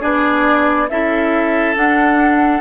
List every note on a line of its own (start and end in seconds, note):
0.00 0.90 B3
0.00 0.88 D4
0.00 0.87 G#4
0.00 0.89 D5
0.89 1.76 C#4
0.89 1.75 E4
0.89 2.61 A4
0.89 1.76 E5
1.75 2.61 D4
1.75 2.61 F#5